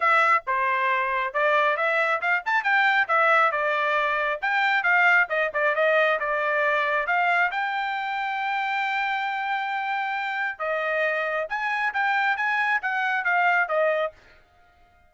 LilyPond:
\new Staff \with { instrumentName = "trumpet" } { \time 4/4 \tempo 4 = 136 e''4 c''2 d''4 | e''4 f''8 a''8 g''4 e''4 | d''2 g''4 f''4 | dis''8 d''8 dis''4 d''2 |
f''4 g''2.~ | g''1 | dis''2 gis''4 g''4 | gis''4 fis''4 f''4 dis''4 | }